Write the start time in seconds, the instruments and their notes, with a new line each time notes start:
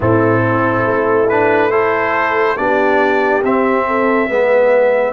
0.00 tuba A2, trombone C4, horn E4, trumpet A4
0.86 tuba A3
1.29 trombone D4, trumpet B4
1.70 trombone E4, horn A4, trumpet C5
2.56 tuba B3, trombone D4, horn G4, trumpet D5
3.43 tuba C4, trombone C4, trumpet E5
3.86 horn A4
4.28 tuba G#3, trombone B3, horn B4